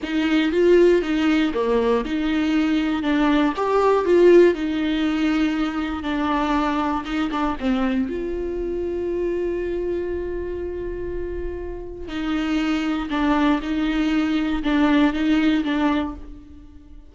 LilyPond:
\new Staff \with { instrumentName = "viola" } { \time 4/4 \tempo 4 = 119 dis'4 f'4 dis'4 ais4 | dis'2 d'4 g'4 | f'4 dis'2. | d'2 dis'8 d'8 c'4 |
f'1~ | f'1 | dis'2 d'4 dis'4~ | dis'4 d'4 dis'4 d'4 | }